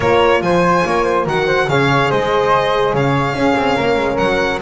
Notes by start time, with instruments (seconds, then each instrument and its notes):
0.00 double bass A#3, horn F4, flute A#4, violin C#5
0.41 double bass F3, flute C5, violin G#5
0.85 double bass A#3, flute C#5
1.03 flute C5
1.24 double bass D#3, horn F#4, flute A#4, violin F#5
1.46 flute C5
1.68 double bass C#3, horn G#4, flute C#5, violin F5
2.10 double bass G#3, flute C5, violin D#5
2.93 double bass C#3, flute C#5, violin F5
3.33 double bass C#4, horn C#4, flute G#4
3.56 double bass C4
3.76 double bass A#3, flute A#4
3.97 double bass G#3
4.17 double bass F#3, violin F#5